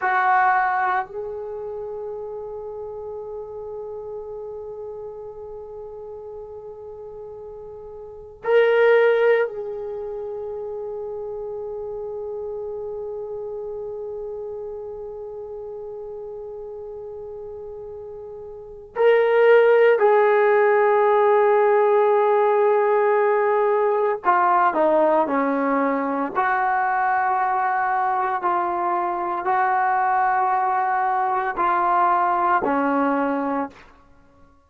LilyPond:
\new Staff \with { instrumentName = "trombone" } { \time 4/4 \tempo 4 = 57 fis'4 gis'2.~ | gis'1 | ais'4 gis'2.~ | gis'1~ |
gis'2 ais'4 gis'4~ | gis'2. f'8 dis'8 | cis'4 fis'2 f'4 | fis'2 f'4 cis'4 | }